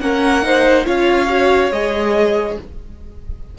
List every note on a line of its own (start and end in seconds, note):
0.00 0.86 A#3
0.00 0.42 C#4
0.00 0.45 A#4
0.00 0.86 F#5
0.42 0.85 D#4
0.42 0.86 C5
0.85 1.72 C#4
0.85 1.28 F4
0.85 2.58 C#5
0.85 1.72 F5
1.28 1.71 F#4
1.72 2.57 G#3
1.72 2.59 G#4
1.72 2.58 D#5